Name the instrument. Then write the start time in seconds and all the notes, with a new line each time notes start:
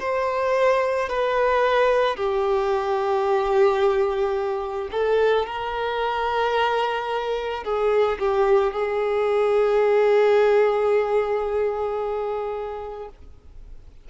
violin
0.00 C5
1.09 B4
2.17 G4
4.92 A4
5.46 A#4
7.64 G#4
8.19 G4
8.73 G#4